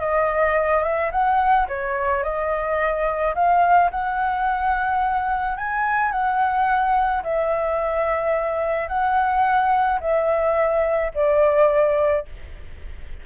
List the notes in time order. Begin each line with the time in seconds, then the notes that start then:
0.00 D#5
0.83 E5
1.12 F#5
1.68 C#5
2.23 D#5
3.35 F5
3.91 F#5
5.58 G#5
6.12 F#5
7.23 E5
8.88 F#5
10.01 E5
11.15 D5